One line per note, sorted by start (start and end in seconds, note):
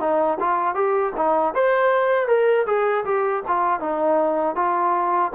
0.00 0.38 D#4
0.40 0.75 F4
0.75 1.13 G4
1.17 1.55 D#4
1.55 2.28 C5
2.28 2.66 A#4
2.67 3.04 G#4
3.05 3.43 G4
3.48 3.80 F4
3.80 4.56 D#4
4.56 5.32 F4